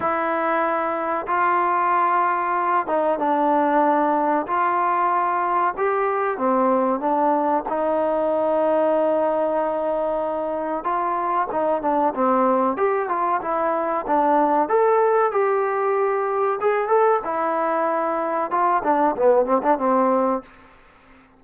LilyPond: \new Staff \with { instrumentName = "trombone" } { \time 4/4 \tempo 4 = 94 e'2 f'2~ | f'8 dis'8 d'2 f'4~ | f'4 g'4 c'4 d'4 | dis'1~ |
dis'4 f'4 dis'8 d'8 c'4 | g'8 f'8 e'4 d'4 a'4 | g'2 gis'8 a'8 e'4~ | e'4 f'8 d'8 b8 c'16 d'16 c'4 | }